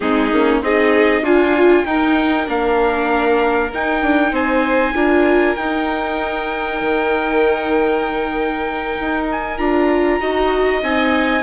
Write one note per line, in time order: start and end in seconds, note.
0.00 0.32 G#3
0.00 0.31 C4
0.00 0.63 D#4
0.00 0.59 G#4
0.32 0.61 A#3
0.32 0.63 C#4
0.61 1.22 C4
0.61 1.25 D#4
0.61 1.23 G#4
0.61 1.24 D#5
1.22 1.84 D4
1.22 1.84 F4
1.22 1.86 F4
1.22 1.85 G#5
1.85 2.47 D#4
1.85 2.46 D#4
1.85 4.32 A#4
1.85 2.47 G5
2.46 3.71 A#3
2.46 3.70 D4
2.46 3.73 F5
3.73 4.94 D#4
3.73 4.02 D#4
3.73 4.34 G5
4.02 4.31 D4
4.31 4.93 C4
4.31 4.93 C5
4.31 5.55 G#5
4.94 5.55 D4
4.94 5.56 F4
4.94 10.20 A#4
5.55 6.80 D#4
5.55 9.58 D#4
5.55 9.26 G5
6.80 8.97 D#3
8.99 9.58 D#4
9.31 9.58 G#5
9.58 10.20 D4
9.58 10.19 F4
9.58 10.81 A#5
10.19 10.82 D#4
10.19 10.81 F#4
10.19 11.42 D#5
10.82 11.42 C4
10.82 11.42 D#4
10.82 11.42 G#5